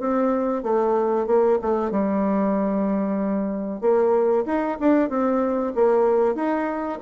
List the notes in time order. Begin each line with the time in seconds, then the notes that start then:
0.00 C4
0.63 A3
1.27 A#3
1.62 A3
1.91 G3
3.81 A#3
4.46 D#4
4.80 D4
5.09 C4
5.75 A#3
6.35 D#4